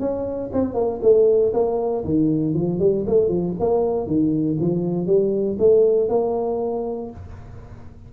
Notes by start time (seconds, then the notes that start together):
0.00 C#4
0.53 C4
0.74 A#3
1.02 A3
1.53 A#3
2.05 D#3
2.54 F3
2.80 G3
3.07 A3
3.29 F3
3.60 A#3
4.07 D#3
4.61 F3
5.07 G3
5.59 A3
6.09 A#3